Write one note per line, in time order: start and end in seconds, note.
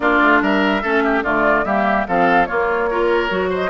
0.00 0.20 A#3
0.00 0.82 D4
0.00 0.42 F4
0.00 0.41 D5
0.21 0.41 A3
0.41 0.83 G3
0.41 0.82 A#4
0.41 1.23 E5
0.82 1.24 A3
0.82 1.24 C#4
0.82 1.03 A4
1.04 1.23 G4
1.23 1.64 D3
1.23 1.65 A3
1.23 1.65 F4
1.23 1.64 D5
1.64 2.06 G3
1.64 2.07 A#3
1.64 2.07 G4
1.64 2.06 E5
2.08 2.49 F3
2.08 2.47 C4
2.08 2.48 A4
2.08 2.45 F5
2.45 2.88 A#3
2.45 3.30 A#3
2.45 2.89 F4
2.45 3.49 C#5
2.90 3.29 F4
2.90 3.49 A#4
3.29 3.69 F#3
3.29 3.69 F#4
3.49 3.69 C5
3.49 3.69 D#5